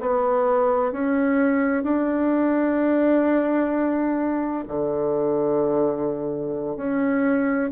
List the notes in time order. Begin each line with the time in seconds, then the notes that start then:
0.00 B3
0.92 C#4
1.83 D4
4.67 D3
6.76 C#4